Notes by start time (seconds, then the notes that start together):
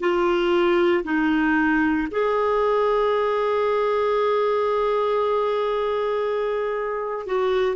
0.00 F4
1.04 D#4
2.11 G#4
7.26 F#4